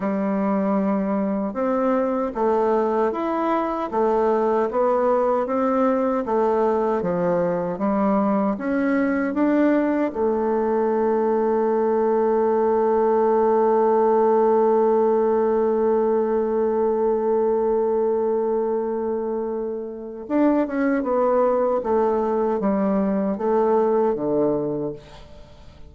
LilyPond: \new Staff \with { instrumentName = "bassoon" } { \time 4/4 \tempo 4 = 77 g2 c'4 a4 | e'4 a4 b4 c'4 | a4 f4 g4 cis'4 | d'4 a2.~ |
a1~ | a1~ | a2 d'8 cis'8 b4 | a4 g4 a4 d4 | }